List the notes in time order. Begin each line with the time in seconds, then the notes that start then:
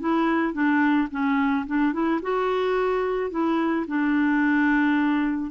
0.00 E4
0.54 D4
1.11 C#4
1.67 D4
1.93 E4
2.22 F#4
3.31 E4
3.88 D4